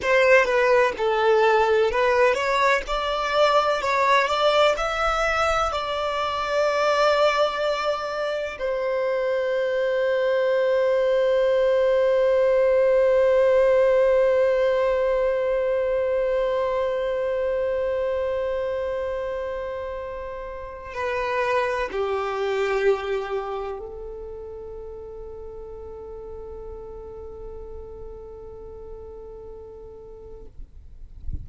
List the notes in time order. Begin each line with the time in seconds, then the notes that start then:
0.02 C5
0.45 B4
0.97 A4
1.91 B4
2.34 C#5
2.87 D5
3.81 C#5
4.27 D5
4.77 E5
5.71 D5
8.58 C5
20.94 B4
21.91 G4
23.79 A4